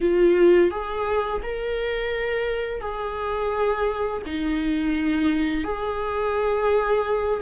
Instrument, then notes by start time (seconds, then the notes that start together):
viola
0.01 F4
0.71 G#4
1.42 A#4
2.80 G#4
4.26 D#4
5.63 G#4